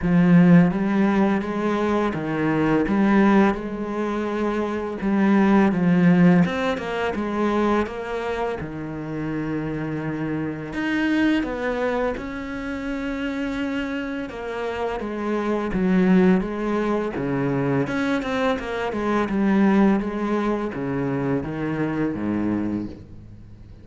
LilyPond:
\new Staff \with { instrumentName = "cello" } { \time 4/4 \tempo 4 = 84 f4 g4 gis4 dis4 | g4 gis2 g4 | f4 c'8 ais8 gis4 ais4 | dis2. dis'4 |
b4 cis'2. | ais4 gis4 fis4 gis4 | cis4 cis'8 c'8 ais8 gis8 g4 | gis4 cis4 dis4 gis,4 | }